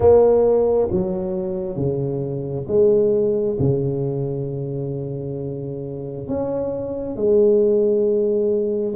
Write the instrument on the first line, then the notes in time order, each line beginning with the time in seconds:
tuba
0.00 A#3
0.91 F#3
1.76 C#3
2.67 G#3
3.59 C#3
6.28 C#4
7.16 G#3